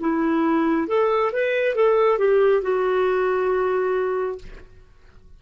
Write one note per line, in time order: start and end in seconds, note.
0.00 0.87 E4
0.87 1.32 A4
1.32 1.75 B4
1.75 2.19 A4
2.19 2.62 G4
2.62 4.38 F#4